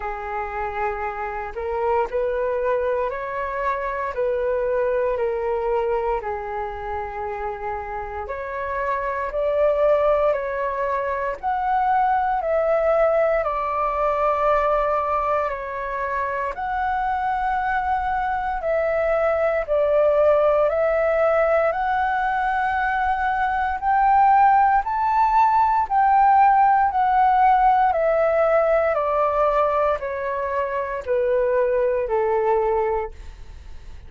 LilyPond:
\new Staff \with { instrumentName = "flute" } { \time 4/4 \tempo 4 = 58 gis'4. ais'8 b'4 cis''4 | b'4 ais'4 gis'2 | cis''4 d''4 cis''4 fis''4 | e''4 d''2 cis''4 |
fis''2 e''4 d''4 | e''4 fis''2 g''4 | a''4 g''4 fis''4 e''4 | d''4 cis''4 b'4 a'4 | }